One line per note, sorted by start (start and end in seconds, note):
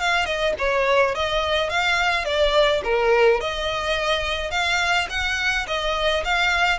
0.00 0.25 F5
0.25 0.54 D#5
0.58 1.15 C#5
1.15 1.70 D#5
1.70 2.25 F5
2.25 2.82 D5
2.84 3.40 A#4
3.40 4.51 D#5
4.51 5.08 F5
5.10 5.66 F#5
5.67 6.24 D#5
6.24 6.79 F5